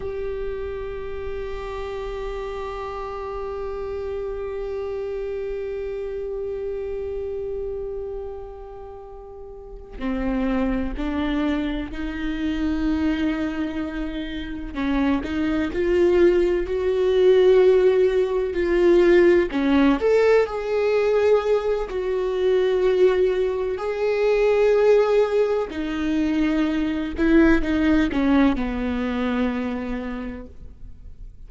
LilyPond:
\new Staff \with { instrumentName = "viola" } { \time 4/4 \tempo 4 = 63 g'1~ | g'1~ | g'2~ g'8 c'4 d'8~ | d'8 dis'2. cis'8 |
dis'8 f'4 fis'2 f'8~ | f'8 cis'8 a'8 gis'4. fis'4~ | fis'4 gis'2 dis'4~ | dis'8 e'8 dis'8 cis'8 b2 | }